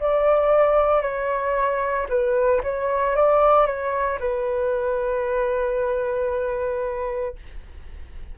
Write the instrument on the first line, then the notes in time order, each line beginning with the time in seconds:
flute
0.00 D5
1.02 C#5
2.09 B4
2.63 C#5
3.16 D5
3.66 C#5
4.20 B4